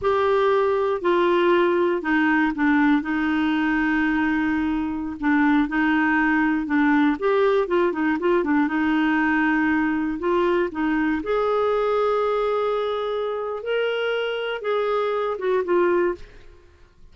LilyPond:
\new Staff \with { instrumentName = "clarinet" } { \time 4/4 \tempo 4 = 119 g'2 f'2 | dis'4 d'4 dis'2~ | dis'2~ dis'16 d'4 dis'8.~ | dis'4~ dis'16 d'4 g'4 f'8 dis'16~ |
dis'16 f'8 d'8 dis'2~ dis'8.~ | dis'16 f'4 dis'4 gis'4.~ gis'16~ | gis'2. ais'4~ | ais'4 gis'4. fis'8 f'4 | }